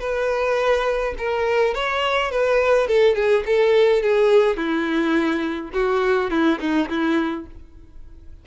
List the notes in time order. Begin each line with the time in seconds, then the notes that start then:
0.00 B4
1.18 A#4
1.74 C#5
2.31 B4
2.88 A4
3.15 G#4
3.46 A4
4.02 G#4
4.57 E4
5.73 F#4
6.30 E4
6.60 D#4
6.89 E4